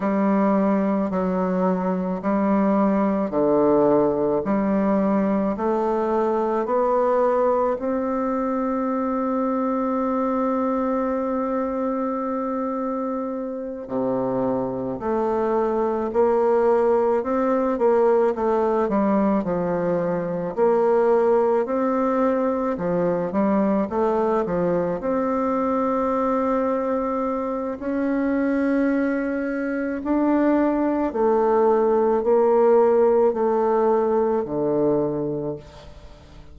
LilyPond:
\new Staff \with { instrumentName = "bassoon" } { \time 4/4 \tempo 4 = 54 g4 fis4 g4 d4 | g4 a4 b4 c'4~ | c'1~ | c'8 c4 a4 ais4 c'8 |
ais8 a8 g8 f4 ais4 c'8~ | c'8 f8 g8 a8 f8 c'4.~ | c'4 cis'2 d'4 | a4 ais4 a4 d4 | }